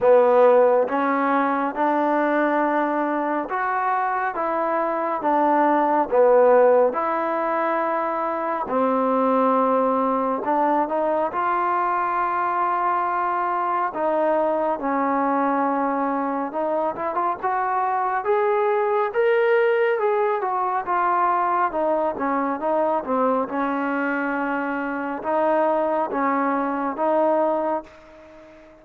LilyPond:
\new Staff \with { instrumentName = "trombone" } { \time 4/4 \tempo 4 = 69 b4 cis'4 d'2 | fis'4 e'4 d'4 b4 | e'2 c'2 | d'8 dis'8 f'2. |
dis'4 cis'2 dis'8 e'16 f'16 | fis'4 gis'4 ais'4 gis'8 fis'8 | f'4 dis'8 cis'8 dis'8 c'8 cis'4~ | cis'4 dis'4 cis'4 dis'4 | }